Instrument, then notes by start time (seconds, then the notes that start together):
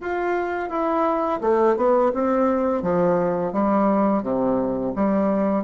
bassoon
0.00 F4
0.69 E4
1.41 A3
1.76 B3
2.14 C4
2.82 F3
3.52 G3
4.22 C3
4.95 G3